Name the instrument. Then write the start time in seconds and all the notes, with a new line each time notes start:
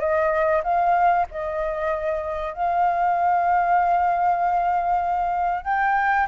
flute
0.00 D#5
0.64 F5
1.32 D#5
2.54 F5
5.65 G5